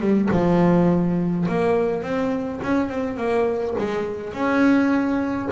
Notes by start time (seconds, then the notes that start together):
0.00 G3
0.31 F3
1.48 A#3
2.02 C4
2.62 C#4
2.88 C4
3.17 A#3
3.78 G#3
4.33 C#4